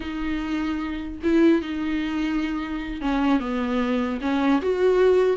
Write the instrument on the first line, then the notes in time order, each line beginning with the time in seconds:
viola
0.00 D#4
1.23 E4
1.61 D#4
3.01 C#4
3.40 B3
4.21 C#4
4.61 F#4